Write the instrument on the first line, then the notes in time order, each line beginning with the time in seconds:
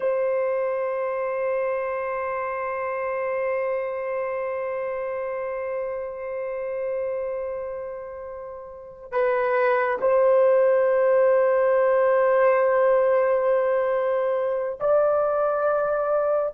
horn
0.00 C5
9.11 B4
10.00 C5
14.79 D5